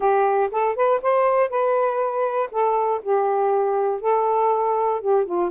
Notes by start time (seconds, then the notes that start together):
0.00 G4
0.51 A4
0.75 B4
1.02 C5
1.49 B4
2.51 A4
3.02 G4
4.00 A4
5.00 G4
5.25 F4